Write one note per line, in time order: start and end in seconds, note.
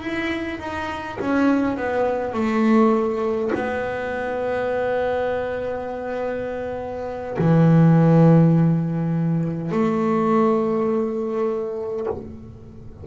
0.00 0.59 E4
0.59 1.18 D#4
1.20 1.77 C#4
1.77 2.34 B3
2.34 3.51 A3
3.55 7.37 B3
7.39 9.72 E3
9.72 12.07 A3